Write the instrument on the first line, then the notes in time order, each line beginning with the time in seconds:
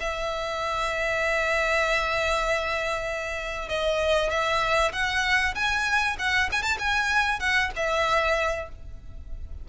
violin
0.00 E5
3.69 D#5
4.30 E5
4.93 F#5
5.55 G#5
6.19 F#5
6.52 G#5
6.62 A5
6.79 G#5
7.40 F#5
7.76 E5